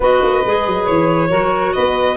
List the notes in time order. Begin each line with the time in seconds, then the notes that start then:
0.00 B3 F#4 B4 D#5
0.22 A#3
0.45 G#3 G#4
0.66 F#3
0.86 E3 C#5
1.28 F#3 F#4 A#4
1.73 B3 B4 D#5